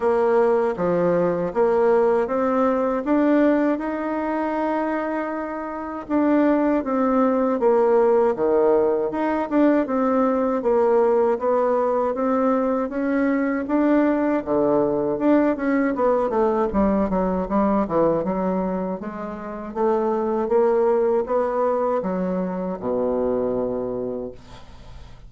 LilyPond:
\new Staff \with { instrumentName = "bassoon" } { \time 4/4 \tempo 4 = 79 ais4 f4 ais4 c'4 | d'4 dis'2. | d'4 c'4 ais4 dis4 | dis'8 d'8 c'4 ais4 b4 |
c'4 cis'4 d'4 d4 | d'8 cis'8 b8 a8 g8 fis8 g8 e8 | fis4 gis4 a4 ais4 | b4 fis4 b,2 | }